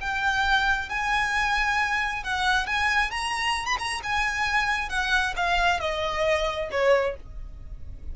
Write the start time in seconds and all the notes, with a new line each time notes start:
0.00 G5
0.89 G#5
2.23 F#5
2.66 G#5
3.11 A#5
3.66 B5
3.78 A#5
4.03 G#5
4.89 F#5
5.36 F5
5.80 D#5
6.71 C#5